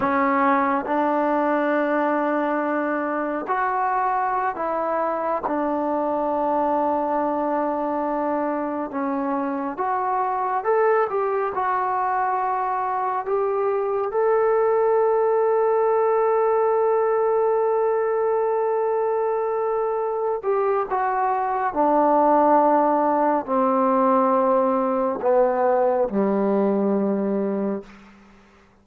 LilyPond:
\new Staff \with { instrumentName = "trombone" } { \time 4/4 \tempo 4 = 69 cis'4 d'2. | fis'4~ fis'16 e'4 d'4.~ d'16~ | d'2~ d'16 cis'4 fis'8.~ | fis'16 a'8 g'8 fis'2 g'8.~ |
g'16 a'2.~ a'8.~ | a'2.~ a'8 g'8 | fis'4 d'2 c'4~ | c'4 b4 g2 | }